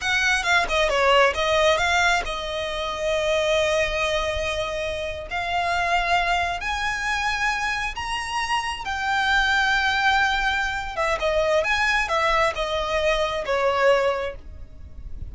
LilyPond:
\new Staff \with { instrumentName = "violin" } { \time 4/4 \tempo 4 = 134 fis''4 f''8 dis''8 cis''4 dis''4 | f''4 dis''2.~ | dis''2.~ dis''8. f''16~ | f''2~ f''8. gis''4~ gis''16~ |
gis''4.~ gis''16 ais''2 g''16~ | g''1~ | g''8 e''8 dis''4 gis''4 e''4 | dis''2 cis''2 | }